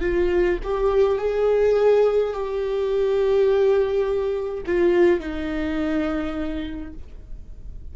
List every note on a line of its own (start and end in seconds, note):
0.00 0.58 F4
0.63 1.18 G4
1.18 2.33 G#4
2.33 4.64 G4
4.66 5.19 F4
5.19 6.92 D#4